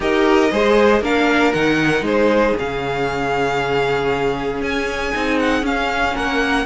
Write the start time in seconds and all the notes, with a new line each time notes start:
0.00 D#4 G4 A#4 D#5
0.51 G#3 G#4 C5
1.01 A#3 D4 A#4 F5
1.53 D#3 D#4 F#5
2.01 G#3 G#4 C5
2.57 C#3 C#4 F5
4.61 C#4 G#5
5.13 C4 D#4
5.39 F#5
5.62 C#4 F5
6.14 A#3 A#4 F#5